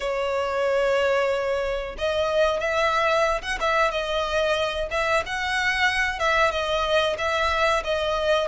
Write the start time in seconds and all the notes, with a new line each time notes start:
0.00 C#5
1.98 D#5
2.60 E5
3.42 F#5
3.60 E5
3.91 D#5
4.91 E5
5.26 F#5
6.19 E5
6.51 D#5
7.17 E5
7.83 D#5